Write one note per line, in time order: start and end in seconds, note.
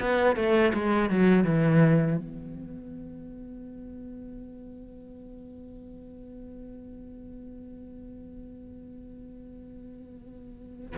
0.00 0.36 B3
0.36 0.73 A3
0.74 1.09 G#3
1.09 1.44 F#3
1.44 2.17 E3
2.17 10.95 B3